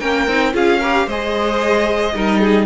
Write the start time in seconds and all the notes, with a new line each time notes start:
0.00 A#3 C#4 A#4 G5
0.28 C4 D#4
0.53 C#4 F4 G#4 F5
0.80 G4 A#4
1.07 G#3 G#4 C5 D#5
2.15 G3 D#4 A#4
2.40 G#4